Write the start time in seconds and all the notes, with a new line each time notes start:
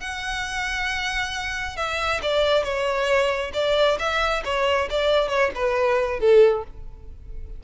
0.00 F#5
1.76 E5
2.22 D5
2.63 C#5
3.53 D5
3.99 E5
4.44 C#5
4.90 D5
5.29 C#5
5.55 B4
6.20 A4